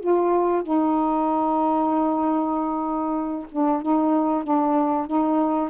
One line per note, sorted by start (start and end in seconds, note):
0.00 0.62 F4
0.62 3.47 D#4
3.51 3.82 D4
3.82 4.44 D#4
4.44 5.07 D4
5.07 5.69 D#4